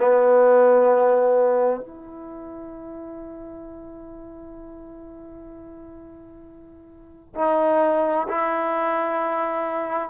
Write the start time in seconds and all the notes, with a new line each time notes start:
0.00 B3
1.80 E4
7.36 D#4
8.29 E4